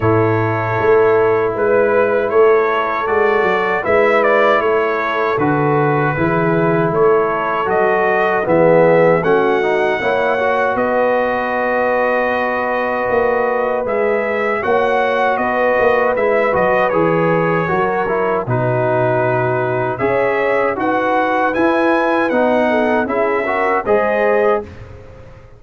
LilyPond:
<<
  \new Staff \with { instrumentName = "trumpet" } { \time 4/4 \tempo 4 = 78 cis''2 b'4 cis''4 | d''4 e''8 d''8 cis''4 b'4~ | b'4 cis''4 dis''4 e''4 | fis''2 dis''2~ |
dis''2 e''4 fis''4 | dis''4 e''8 dis''8 cis''2 | b'2 e''4 fis''4 | gis''4 fis''4 e''4 dis''4 | }
  \new Staff \with { instrumentName = "horn" } { \time 4/4 a'2 b'4 a'4~ | a'4 b'4 a'2 | gis'4 a'2 gis'4 | fis'4 cis''4 b'2~ |
b'2. cis''4 | b'2. ais'4 | fis'2 cis''4 b'4~ | b'4. a'8 gis'8 ais'8 c''4 | }
  \new Staff \with { instrumentName = "trombone" } { \time 4/4 e'1 | fis'4 e'2 fis'4 | e'2 fis'4 b4 | cis'8 dis'8 e'8 fis'2~ fis'8~ |
fis'2 gis'4 fis'4~ | fis'4 e'8 fis'8 gis'4 fis'8 e'8 | dis'2 gis'4 fis'4 | e'4 dis'4 e'8 fis'8 gis'4 | }
  \new Staff \with { instrumentName = "tuba" } { \time 4/4 a,4 a4 gis4 a4 | gis8 fis8 gis4 a4 d4 | e4 a4 fis4 e4 | a4 ais4 b2~ |
b4 ais4 gis4 ais4 | b8 ais8 gis8 fis8 e4 fis4 | b,2 cis'4 dis'4 | e'4 b4 cis'4 gis4 | }
>>